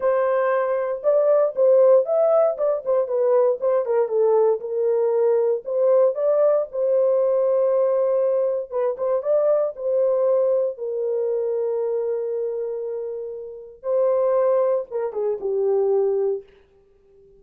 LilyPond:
\new Staff \with { instrumentName = "horn" } { \time 4/4 \tempo 4 = 117 c''2 d''4 c''4 | e''4 d''8 c''8 b'4 c''8 ais'8 | a'4 ais'2 c''4 | d''4 c''2.~ |
c''4 b'8 c''8 d''4 c''4~ | c''4 ais'2.~ | ais'2. c''4~ | c''4 ais'8 gis'8 g'2 | }